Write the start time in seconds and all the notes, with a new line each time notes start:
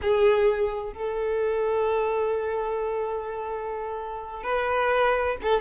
0.01 G#4
0.93 A4
4.43 B4
5.41 A4